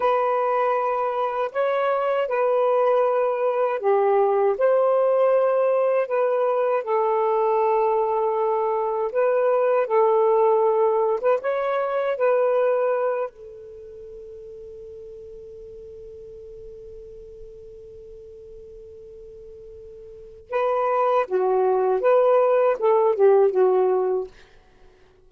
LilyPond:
\new Staff \with { instrumentName = "saxophone" } { \time 4/4 \tempo 4 = 79 b'2 cis''4 b'4~ | b'4 g'4 c''2 | b'4 a'2. | b'4 a'4.~ a'16 b'16 cis''4 |
b'4. a'2~ a'8~ | a'1~ | a'2. b'4 | fis'4 b'4 a'8 g'8 fis'4 | }